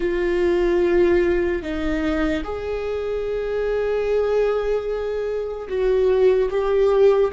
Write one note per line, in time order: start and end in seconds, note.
0.00 1.62 F4
1.62 2.43 D#4
2.43 5.68 G#4
5.68 6.49 F#4
6.50 7.31 G4